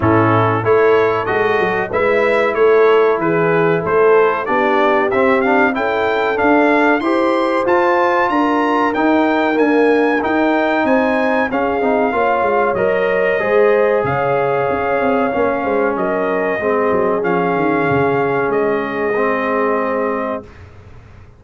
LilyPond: <<
  \new Staff \with { instrumentName = "trumpet" } { \time 4/4 \tempo 4 = 94 a'4 cis''4 dis''4 e''4 | cis''4 b'4 c''4 d''4 | e''8 f''8 g''4 f''4 c'''4 | a''4 ais''4 g''4 gis''4 |
g''4 gis''4 f''2 | dis''2 f''2~ | f''4 dis''2 f''4~ | f''4 dis''2. | }
  \new Staff \with { instrumentName = "horn" } { \time 4/4 e'4 a'2 b'4 | a'4 gis'4 a'4 g'4~ | g'4 a'2 c''4~ | c''4 ais'2.~ |
ais'4 c''4 gis'4 cis''4~ | cis''4 c''4 cis''2~ | cis''8 c''8 ais'4 gis'2~ | gis'1 | }
  \new Staff \with { instrumentName = "trombone" } { \time 4/4 cis'4 e'4 fis'4 e'4~ | e'2. d'4 | c'8 d'8 e'4 d'4 g'4 | f'2 dis'4 ais4 |
dis'2 cis'8 dis'8 f'4 | ais'4 gis'2. | cis'2 c'4 cis'4~ | cis'2 c'2 | }
  \new Staff \with { instrumentName = "tuba" } { \time 4/4 a,4 a4 gis8 fis8 gis4 | a4 e4 a4 b4 | c'4 cis'4 d'4 e'4 | f'4 d'4 dis'4 d'4 |
dis'4 c'4 cis'8 c'8 ais8 gis8 | fis4 gis4 cis4 cis'8 c'8 | ais8 gis8 fis4 gis8 fis8 f8 dis8 | cis4 gis2. | }
>>